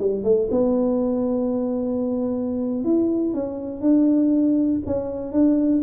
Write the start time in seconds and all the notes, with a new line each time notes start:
0.00 G3
0.24 A3
0.52 B3
2.85 E4
3.34 C#4
3.81 D4
4.87 C#4
5.33 D4